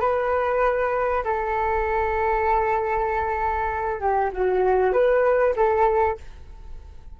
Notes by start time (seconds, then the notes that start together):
0.00 B4
1.24 A4
4.00 G4
4.33 F#4
4.93 B4
5.56 A4